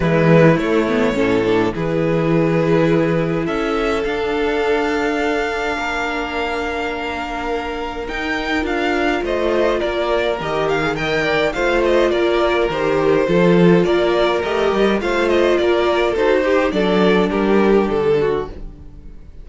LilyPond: <<
  \new Staff \with { instrumentName = "violin" } { \time 4/4 \tempo 4 = 104 b'4 cis''2 b'4~ | b'2 e''4 f''4~ | f''1~ | f''2 g''4 f''4 |
dis''4 d''4 dis''8 f''8 g''4 | f''8 dis''8 d''4 c''2 | d''4 dis''4 f''8 dis''8 d''4 | c''4 d''4 ais'4 a'4 | }
  \new Staff \with { instrumentName = "violin" } { \time 4/4 e'2 a'4 gis'4~ | gis'2 a'2~ | a'2 ais'2~ | ais'1 |
c''4 ais'2 dis''8 d''8 | c''4 ais'2 a'4 | ais'2 c''4 ais'4 | a'8 g'8 a'4 g'4. fis'8 | }
  \new Staff \with { instrumentName = "viola" } { \time 4/4 gis4 a8 b8 cis'8 d'8 e'4~ | e'2. d'4~ | d'1~ | d'2 dis'4 f'4~ |
f'2 g'8. gis'16 ais'4 | f'2 g'4 f'4~ | f'4 g'4 f'2 | fis'8 g'8 d'2. | }
  \new Staff \with { instrumentName = "cello" } { \time 4/4 e4 a4 a,4 e4~ | e2 cis'4 d'4~ | d'2 ais2~ | ais2 dis'4 d'4 |
a4 ais4 dis2 | a4 ais4 dis4 f4 | ais4 a8 g8 a4 ais4 | dis'4 fis4 g4 d4 | }
>>